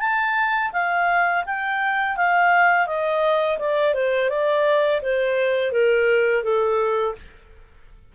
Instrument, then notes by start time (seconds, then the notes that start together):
clarinet
0.00 A5
0.73 F5
1.46 G5
2.17 F5
2.87 D#5
3.59 D5
3.94 C5
4.30 D5
5.02 C5
5.72 A#4
6.44 A4